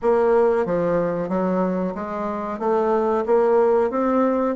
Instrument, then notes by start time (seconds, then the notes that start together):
bassoon
0.02 A#3
0.65 F3
1.29 F#3
1.94 G#3
2.59 A3
3.25 A#3
3.90 C4